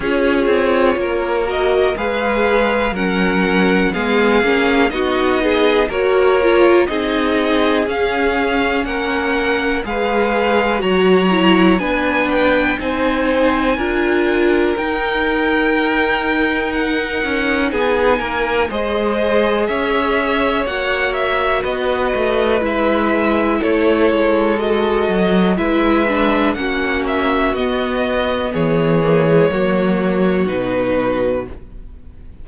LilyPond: <<
  \new Staff \with { instrumentName = "violin" } { \time 4/4 \tempo 4 = 61 cis''4. dis''8 f''4 fis''4 | f''4 dis''4 cis''4 dis''4 | f''4 fis''4 f''4 ais''4 | gis''8 g''8 gis''2 g''4~ |
g''4 fis''4 gis''4 dis''4 | e''4 fis''8 e''8 dis''4 e''4 | cis''4 dis''4 e''4 fis''8 e''8 | dis''4 cis''2 b'4 | }
  \new Staff \with { instrumentName = "violin" } { \time 4/4 gis'4 ais'4 b'4 ais'4 | gis'4 fis'8 gis'8 ais'4 gis'4~ | gis'4 ais'4 b'4 cis''4 | b'4 c''4 ais'2~ |
ais'2 gis'8 ais'8 c''4 | cis''2 b'2 | a'2 b'4 fis'4~ | fis'4 gis'4 fis'2 | }
  \new Staff \with { instrumentName = "viola" } { \time 4/4 f'4. fis'8 gis'4 cis'4 | b8 cis'8 dis'4 fis'8 f'8 dis'4 | cis'2 gis'4 fis'8 e'8 | d'4 dis'4 f'4 dis'4~ |
dis'2. gis'4~ | gis'4 fis'2 e'4~ | e'4 fis'4 e'8 d'8 cis'4 | b4. ais16 gis16 ais4 dis'4 | }
  \new Staff \with { instrumentName = "cello" } { \time 4/4 cis'8 c'8 ais4 gis4 fis4 | gis8 ais8 b4 ais4 c'4 | cis'4 ais4 gis4 fis4 | b4 c'4 d'4 dis'4~ |
dis'4. cis'8 b8 ais8 gis4 | cis'4 ais4 b8 a8 gis4 | a8 gis4 fis8 gis4 ais4 | b4 e4 fis4 b,4 | }
>>